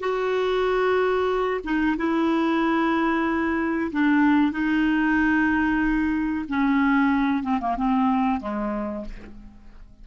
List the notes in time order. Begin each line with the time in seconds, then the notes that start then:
0.00 F#4
1.64 D#4
1.98 E4
3.92 D4
4.52 D#4
6.49 C#4
7.43 C4
7.61 A#3
7.77 C4
8.41 G#3